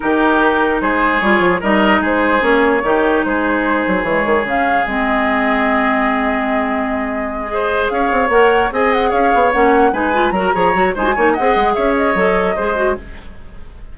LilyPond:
<<
  \new Staff \with { instrumentName = "flute" } { \time 4/4 \tempo 4 = 148 ais'2 c''4 cis''4 | dis''4 c''4 cis''2 | c''2 cis''4 f''4 | dis''1~ |
dis''2.~ dis''8 f''8~ | f''8 fis''4 gis''8 fis''8 f''4 fis''8~ | fis''8 gis''4 ais''4. gis''4 | fis''4 e''8 dis''2~ dis''8 | }
  \new Staff \with { instrumentName = "oboe" } { \time 4/4 g'2 gis'2 | ais'4 gis'2 g'4 | gis'1~ | gis'1~ |
gis'2~ gis'8 c''4 cis''8~ | cis''4. dis''4 cis''4.~ | cis''8 b'4 ais'8 cis''4 c''8 cis''8 | dis''4 cis''2 c''4 | }
  \new Staff \with { instrumentName = "clarinet" } { \time 4/4 dis'2. f'4 | dis'2 cis'4 dis'4~ | dis'2 gis4 cis'4 | c'1~ |
c'2~ c'8 gis'4.~ | gis'8 ais'4 gis'2 cis'8~ | cis'8 dis'8 f'8 fis'8 gis'8 fis'8 dis'16 fis'16 dis'8 | gis'2 a'4 gis'8 fis'8 | }
  \new Staff \with { instrumentName = "bassoon" } { \time 4/4 dis2 gis4 g8 f8 | g4 gis4 ais4 dis4 | gis4. fis8 e8 dis8 cis4 | gis1~ |
gis2.~ gis8 cis'8 | c'8 ais4 c'4 cis'8 b8 ais8~ | ais8 gis4 fis8 f8 fis8 gis8 ais8 | c'8 gis8 cis'4 fis4 gis4 | }
>>